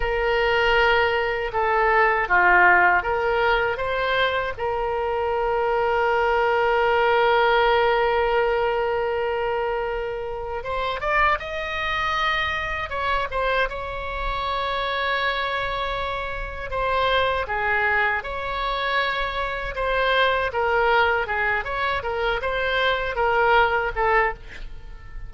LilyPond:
\new Staff \with { instrumentName = "oboe" } { \time 4/4 \tempo 4 = 79 ais'2 a'4 f'4 | ais'4 c''4 ais'2~ | ais'1~ | ais'2 c''8 d''8 dis''4~ |
dis''4 cis''8 c''8 cis''2~ | cis''2 c''4 gis'4 | cis''2 c''4 ais'4 | gis'8 cis''8 ais'8 c''4 ais'4 a'8 | }